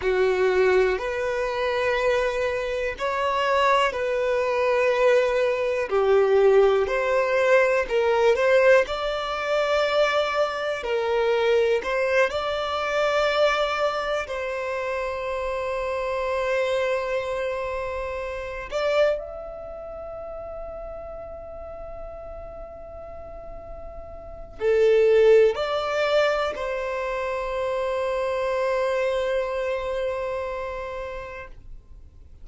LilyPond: \new Staff \with { instrumentName = "violin" } { \time 4/4 \tempo 4 = 61 fis'4 b'2 cis''4 | b'2 g'4 c''4 | ais'8 c''8 d''2 ais'4 | c''8 d''2 c''4.~ |
c''2. d''8 e''8~ | e''1~ | e''4 a'4 d''4 c''4~ | c''1 | }